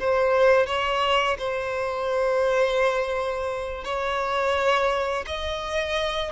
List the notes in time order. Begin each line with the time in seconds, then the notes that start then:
0.00 C5
0.67 C#5
1.39 C5
3.84 C#5
5.27 D#5